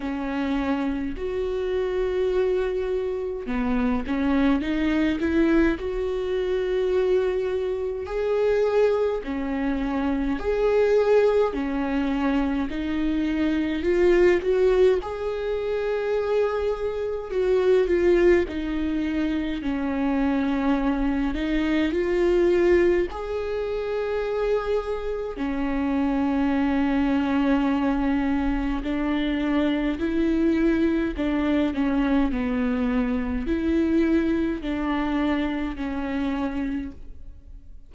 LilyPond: \new Staff \with { instrumentName = "viola" } { \time 4/4 \tempo 4 = 52 cis'4 fis'2 b8 cis'8 | dis'8 e'8 fis'2 gis'4 | cis'4 gis'4 cis'4 dis'4 | f'8 fis'8 gis'2 fis'8 f'8 |
dis'4 cis'4. dis'8 f'4 | gis'2 cis'2~ | cis'4 d'4 e'4 d'8 cis'8 | b4 e'4 d'4 cis'4 | }